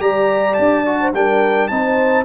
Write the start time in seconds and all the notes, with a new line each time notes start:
0.00 G3 G4 D5 A#5
0.54 D4 A5
0.85 F#4
1.01 C5
1.14 G3 D4 A#4 G5
1.67 C4 D#4 C5 A5